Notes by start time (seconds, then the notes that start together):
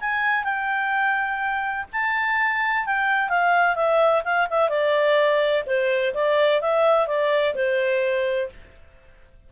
0.00 G#5
0.44 G5
1.92 A5
2.86 G5
3.29 F5
3.76 E5
4.24 F5
4.50 E5
4.69 D5
5.66 C5
6.14 D5
6.61 E5
7.07 D5
7.55 C5